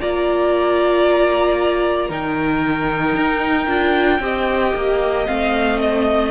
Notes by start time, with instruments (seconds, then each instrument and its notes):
0.00 cello A#3, viola F4, violin D5 A#5
2.08 cello D#3, viola D#4, violin A#4 G5
3.16 cello D#4
3.67 cello D4, viola F4
4.20 cello C4, viola G4, violin D#5
4.75 cello A#3
5.27 cello A3, viola C4, violin F5
5.80 violin D#5